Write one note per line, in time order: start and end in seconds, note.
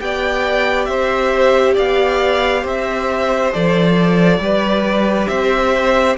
0.00 0.88 B3
0.00 3.53 G4
0.00 0.90 D5
0.00 0.86 G5
0.86 1.76 C4
0.86 1.75 C5
0.86 1.74 E5
1.75 2.65 B3
1.75 2.62 D5
1.75 2.67 F5
2.62 3.53 C4
2.62 4.39 C5
2.62 3.54 E5
3.53 4.39 F3
3.53 4.41 A4
3.53 5.28 D5
4.39 5.27 G3
4.39 6.18 G4
4.39 5.29 B4
5.28 6.18 C4
5.28 6.17 C5
5.28 6.16 E5